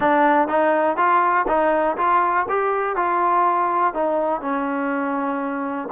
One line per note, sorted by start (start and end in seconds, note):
0.00 0.48 D4
0.48 0.97 D#4
0.97 1.46 F4
1.47 1.96 D#4
1.97 2.46 F4
2.48 2.96 G4
2.96 3.94 F4
3.94 4.41 D#4
4.41 5.88 C#4